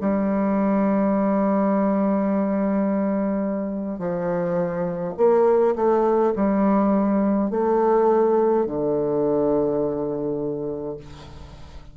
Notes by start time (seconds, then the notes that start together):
0.00 G3
3.99 F3
5.17 A#3
5.75 A3
6.36 G3
7.51 A3
8.66 D3